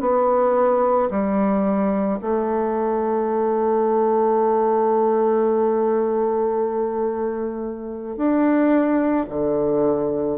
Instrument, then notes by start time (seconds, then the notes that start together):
bassoon
0.00 B3
1.10 G3
2.21 A3
8.16 D4
9.29 D3